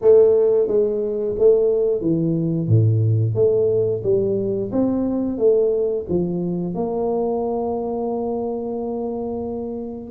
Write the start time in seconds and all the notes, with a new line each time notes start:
0.01 A3
0.67 G#3
1.38 A3
2.01 E3
2.68 A2
3.34 A3
4.03 G3
4.72 C4
5.38 A3
6.08 F3
6.74 A#3